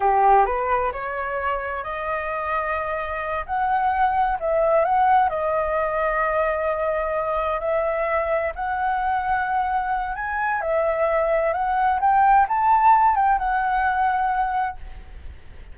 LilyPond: \new Staff \with { instrumentName = "flute" } { \time 4/4 \tempo 4 = 130 g'4 b'4 cis''2 | dis''2.~ dis''8 fis''8~ | fis''4. e''4 fis''4 dis''8~ | dis''1~ |
dis''8 e''2 fis''4.~ | fis''2 gis''4 e''4~ | e''4 fis''4 g''4 a''4~ | a''8 g''8 fis''2. | }